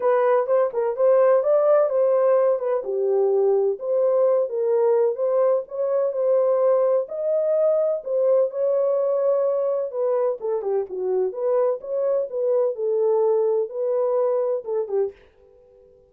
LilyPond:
\new Staff \with { instrumentName = "horn" } { \time 4/4 \tempo 4 = 127 b'4 c''8 ais'8 c''4 d''4 | c''4. b'8 g'2 | c''4. ais'4. c''4 | cis''4 c''2 dis''4~ |
dis''4 c''4 cis''2~ | cis''4 b'4 a'8 g'8 fis'4 | b'4 cis''4 b'4 a'4~ | a'4 b'2 a'8 g'8 | }